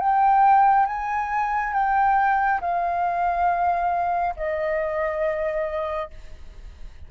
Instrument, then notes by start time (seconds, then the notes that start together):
flute
0.00 G5
0.87 G#5
1.74 G5
2.61 F5
4.37 D#5